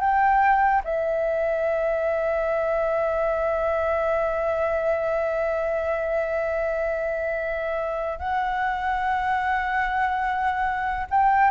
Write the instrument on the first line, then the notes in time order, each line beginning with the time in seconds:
flute
0.00 G5
0.84 E5
8.19 F#5
11.10 G5